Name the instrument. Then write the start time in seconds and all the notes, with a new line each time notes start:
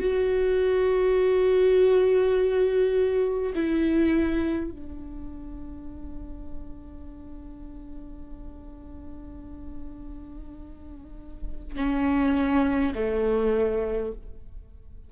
viola
0.00 F#4
3.55 E4
4.71 D4
11.76 C#4
12.95 A3